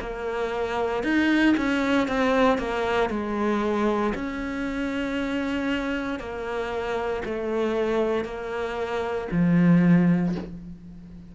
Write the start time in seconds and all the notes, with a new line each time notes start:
0.00 A#3
1.03 D#4
1.57 C#4
2.07 C4
2.58 A#3
3.09 G#3
4.14 C#4
6.19 A#3
7.25 A3
8.24 A#3
9.31 F3